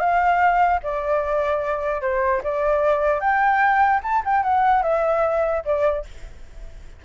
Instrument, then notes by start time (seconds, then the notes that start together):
flute
0.00 F5
0.83 D5
2.02 C5
2.44 D5
3.20 G5
4.03 A5
4.25 G5
4.43 F#5
4.83 E5
5.65 D5